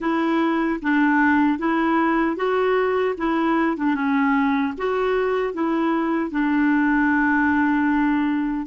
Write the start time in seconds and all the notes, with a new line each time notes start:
0.00 E4
0.81 D4
1.58 E4
2.36 F#4
3.17 E4
3.76 D4
3.94 C#4
4.77 F#4
5.53 E4
6.31 D4